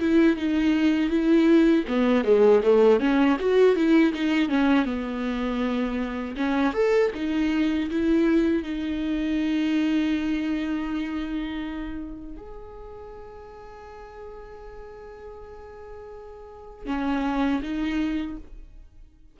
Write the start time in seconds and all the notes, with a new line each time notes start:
0.00 E4
0.37 D#4
1.10 E4
1.88 B3
2.24 G#3
2.63 A3
3.00 C#4
3.40 F#4
3.76 E4
4.14 D#4
4.49 C#4
4.85 B3
6.37 C#4
6.74 A4
7.15 D#4
7.90 E4
8.63 D#4
12.37 G#4
16.86 C#4
17.62 D#4